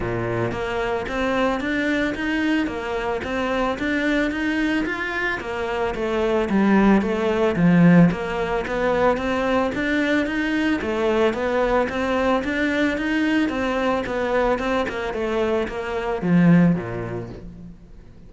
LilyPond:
\new Staff \with { instrumentName = "cello" } { \time 4/4 \tempo 4 = 111 ais,4 ais4 c'4 d'4 | dis'4 ais4 c'4 d'4 | dis'4 f'4 ais4 a4 | g4 a4 f4 ais4 |
b4 c'4 d'4 dis'4 | a4 b4 c'4 d'4 | dis'4 c'4 b4 c'8 ais8 | a4 ais4 f4 ais,4 | }